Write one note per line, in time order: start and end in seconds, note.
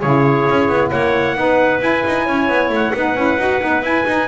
0.00 0.48 C#3
0.00 1.36 E4
0.00 0.91 G#4
0.00 0.90 C#5
0.49 0.68 C#4
0.68 0.91 B3
0.90 1.35 A#3
0.90 1.36 C#5
0.90 1.81 F#5
1.35 1.80 B3
1.35 1.81 D#4
1.35 2.25 B4
1.81 2.03 E4
1.81 2.93 E4
1.81 2.72 G#5
2.07 2.27 D#4
2.25 2.48 C#4
2.25 2.93 C#5
2.48 2.69 B3
2.69 2.92 A3
2.69 3.84 F#5
2.94 3.14 B3
2.94 3.17 D#4
2.94 4.28 B4
3.14 3.37 C#4
3.14 3.39 E4
3.38 3.60 D#4
3.38 3.60 F#4
3.60 3.82 B3
3.60 3.83 D#4
3.82 4.05 E4
3.82 4.28 G#5
4.05 4.28 D#4